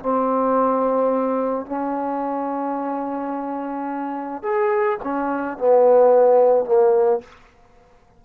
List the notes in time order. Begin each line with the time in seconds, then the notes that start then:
0.00 C4
1.66 C#4
4.43 G#4
5.03 C#4
5.58 B3
6.65 A#3